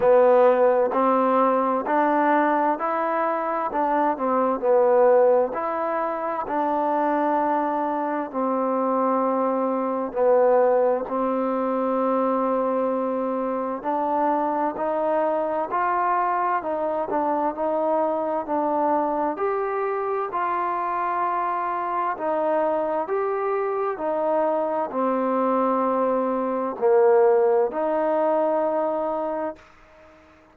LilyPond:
\new Staff \with { instrumentName = "trombone" } { \time 4/4 \tempo 4 = 65 b4 c'4 d'4 e'4 | d'8 c'8 b4 e'4 d'4~ | d'4 c'2 b4 | c'2. d'4 |
dis'4 f'4 dis'8 d'8 dis'4 | d'4 g'4 f'2 | dis'4 g'4 dis'4 c'4~ | c'4 ais4 dis'2 | }